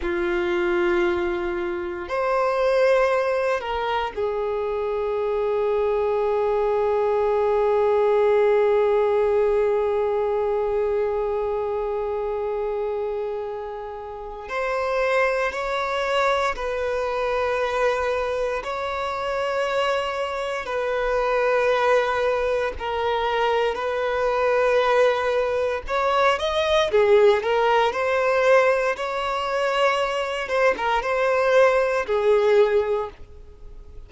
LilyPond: \new Staff \with { instrumentName = "violin" } { \time 4/4 \tempo 4 = 58 f'2 c''4. ais'8 | gis'1~ | gis'1~ | gis'2 c''4 cis''4 |
b'2 cis''2 | b'2 ais'4 b'4~ | b'4 cis''8 dis''8 gis'8 ais'8 c''4 | cis''4. c''16 ais'16 c''4 gis'4 | }